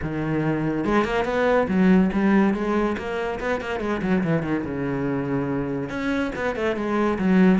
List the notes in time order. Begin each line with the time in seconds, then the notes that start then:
0.02 D#3
0.84 G#3
1.04 A#3
1.24 B3
1.68 F#3
2.12 G3
2.54 G#3
2.97 A#3
3.40 B3
3.60 A#3
3.80 G#3
4.01 F#3
4.23 E3
4.42 D#3
4.64 C#3
5.89 C#4
6.35 B3
6.55 A3
6.75 G#3
7.18 F#3